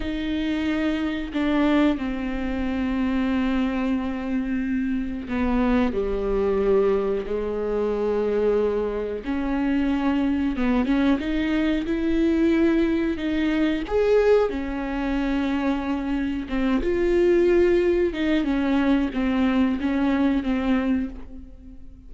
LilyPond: \new Staff \with { instrumentName = "viola" } { \time 4/4 \tempo 4 = 91 dis'2 d'4 c'4~ | c'1 | b4 g2 gis4~ | gis2 cis'2 |
b8 cis'8 dis'4 e'2 | dis'4 gis'4 cis'2~ | cis'4 c'8 f'2 dis'8 | cis'4 c'4 cis'4 c'4 | }